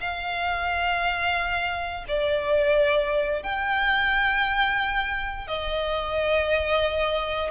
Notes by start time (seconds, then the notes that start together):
0.00 F5
2.08 D5
3.43 G5
5.47 D#5